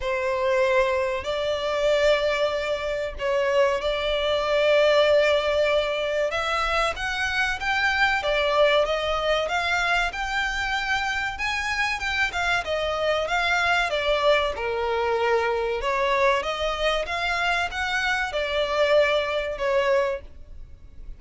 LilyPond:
\new Staff \with { instrumentName = "violin" } { \time 4/4 \tempo 4 = 95 c''2 d''2~ | d''4 cis''4 d''2~ | d''2 e''4 fis''4 | g''4 d''4 dis''4 f''4 |
g''2 gis''4 g''8 f''8 | dis''4 f''4 d''4 ais'4~ | ais'4 cis''4 dis''4 f''4 | fis''4 d''2 cis''4 | }